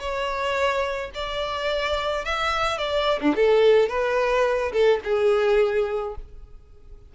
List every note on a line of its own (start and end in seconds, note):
0.00 1.11 C#5
1.14 2.25 D5
2.25 2.78 E5
2.78 3.20 D5
3.21 3.35 D4
3.36 3.89 A4
3.89 4.72 B4
4.72 5.00 A4
5.04 6.15 G#4